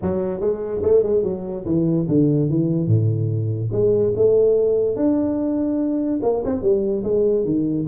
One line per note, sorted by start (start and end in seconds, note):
0.02 0.40 F#3
0.40 0.81 G#3
0.82 1.03 A3
1.03 1.23 G#3
1.23 1.64 F#3
1.65 2.06 E3
2.08 2.49 D3
2.49 2.87 E3
2.87 3.70 A2
3.71 4.13 G#3
4.16 4.95 A3
4.95 6.20 D4
6.22 6.43 A#3
6.44 6.62 C4
6.62 7.03 G3
7.03 7.44 G#3
7.44 7.86 D#3